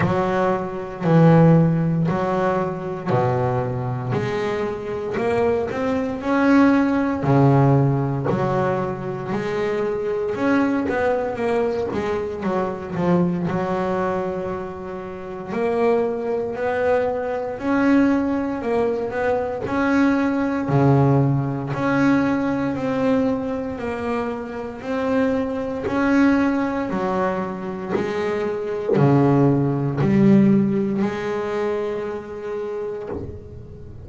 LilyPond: \new Staff \with { instrumentName = "double bass" } { \time 4/4 \tempo 4 = 58 fis4 e4 fis4 b,4 | gis4 ais8 c'8 cis'4 cis4 | fis4 gis4 cis'8 b8 ais8 gis8 | fis8 f8 fis2 ais4 |
b4 cis'4 ais8 b8 cis'4 | cis4 cis'4 c'4 ais4 | c'4 cis'4 fis4 gis4 | cis4 g4 gis2 | }